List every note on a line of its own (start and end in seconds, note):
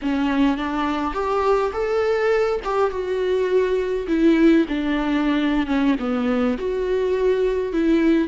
0.02 0.57 C#4
0.57 1.13 D4
1.13 1.71 G4
1.72 2.60 A4
2.64 2.90 G4
2.90 4.06 F#4
4.07 4.65 E4
4.68 5.66 D4
5.66 5.95 C#4
5.99 6.57 B3
6.58 7.73 F#4
7.73 8.28 E4